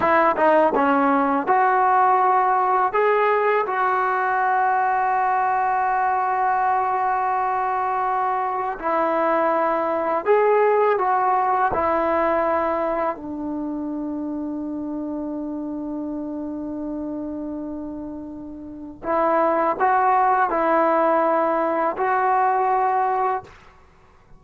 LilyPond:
\new Staff \with { instrumentName = "trombone" } { \time 4/4 \tempo 4 = 82 e'8 dis'8 cis'4 fis'2 | gis'4 fis'2.~ | fis'1 | e'2 gis'4 fis'4 |
e'2 d'2~ | d'1~ | d'2 e'4 fis'4 | e'2 fis'2 | }